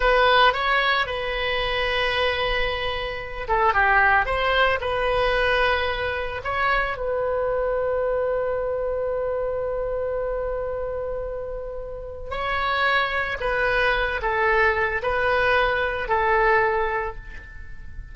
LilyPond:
\new Staff \with { instrumentName = "oboe" } { \time 4/4 \tempo 4 = 112 b'4 cis''4 b'2~ | b'2~ b'8 a'8 g'4 | c''4 b'2. | cis''4 b'2.~ |
b'1~ | b'2. cis''4~ | cis''4 b'4. a'4. | b'2 a'2 | }